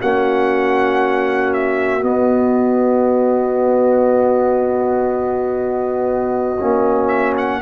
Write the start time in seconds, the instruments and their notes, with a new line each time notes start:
0.00 tuba A#3, trombone C#4, horn F#4, trumpet F#5
1.53 trumpet E5
2.00 trombone B3, tuba B3, trumpet D#5
6.59 tuba A#3, trombone C#4
7.07 trumpet E5
7.37 trumpet F#5